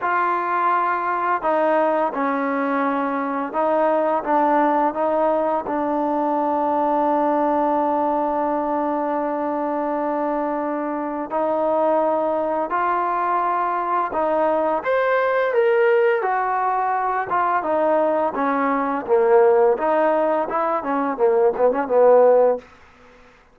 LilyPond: \new Staff \with { instrumentName = "trombone" } { \time 4/4 \tempo 4 = 85 f'2 dis'4 cis'4~ | cis'4 dis'4 d'4 dis'4 | d'1~ | d'1 |
dis'2 f'2 | dis'4 c''4 ais'4 fis'4~ | fis'8 f'8 dis'4 cis'4 ais4 | dis'4 e'8 cis'8 ais8 b16 cis'16 b4 | }